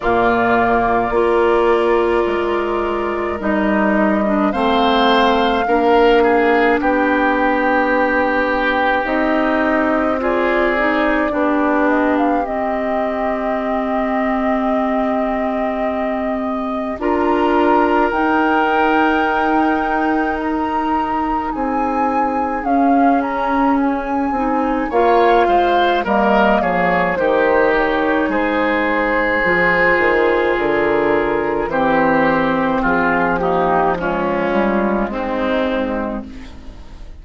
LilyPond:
<<
  \new Staff \with { instrumentName = "flute" } { \time 4/4 \tempo 4 = 53 d''2. dis''4 | f''2 g''2 | dis''4 d''4. dis''16 f''16 dis''4~ | dis''2. ais''4 |
g''2 ais''4 gis''4 | f''8 ais''8 gis''4 f''4 dis''8 cis''8 | c''8 cis''8 c''2 ais'4 | c''4 gis'8 g'8 f'4 dis'4 | }
  \new Staff \with { instrumentName = "oboe" } { \time 4/4 f'4 ais'2. | c''4 ais'8 gis'8 g'2~ | g'4 gis'4 g'2~ | g'2. ais'4~ |
ais'2. gis'4~ | gis'2 cis''8 c''8 ais'8 gis'8 | g'4 gis'2. | g'4 f'8 dis'8 cis'4 c'4 | }
  \new Staff \with { instrumentName = "clarinet" } { \time 4/4 ais4 f'2 dis'8. d'16 | c'4 d'2. | dis'4 f'8 dis'8 d'4 c'4~ | c'2. f'4 |
dis'1 | cis'4. dis'8 f'4 ais4 | dis'2 f'2 | c'4. ais8 gis2 | }
  \new Staff \with { instrumentName = "bassoon" } { \time 4/4 ais,4 ais4 gis4 g4 | a4 ais4 b2 | c'2 b4 c'4~ | c'2. d'4 |
dis'2. c'4 | cis'4. c'8 ais8 gis8 g8 f8 | dis4 gis4 f8 dis8 d4 | e4 f4. g8 gis4 | }
>>